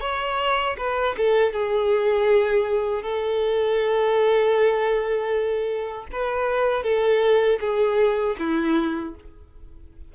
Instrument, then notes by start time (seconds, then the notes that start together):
violin
0.00 C#5
0.77 B4
1.17 A4
1.53 G#4
3.03 A4
6.12 B4
6.83 A4
7.60 G#4
8.39 E4